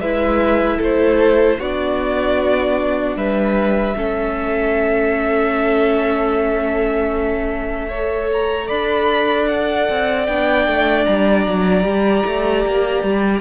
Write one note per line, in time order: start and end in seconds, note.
0.00 0.79 G#3
0.00 1.60 E4
0.00 0.78 B4
0.00 0.80 E5
0.78 1.59 A3
0.78 1.57 A4
0.78 1.60 C5
1.59 3.16 B3
1.59 3.96 D4
1.59 3.17 F#4
1.59 3.17 D5
3.16 3.95 G3
3.16 3.97 B4
3.16 8.30 E5
3.96 8.71 A3
3.96 7.91 C#4
3.96 7.88 A4
7.88 10.28 A4
7.88 8.67 C#5
8.33 8.69 A#5
8.68 9.89 D4
8.68 13.41 D5
8.68 9.48 B5
9.49 10.27 F#5
9.90 10.28 C4
10.27 10.67 B3
10.27 11.84 D4
10.27 11.05 G5
10.67 11.07 A3
11.05 11.47 G3
11.05 13.41 A#5
11.47 11.84 F#3
11.84 12.24 G3
11.84 13.41 G4
12.26 12.66 A3
12.66 13.03 A#3
13.03 13.41 G3